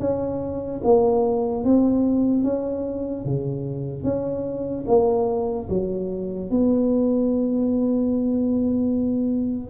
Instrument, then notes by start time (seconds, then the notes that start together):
tuba
0.00 C#4
0.84 A#3
1.64 C4
2.44 C#4
3.25 C#3
4.04 C#4
4.88 A#3
5.69 F#3
6.50 B3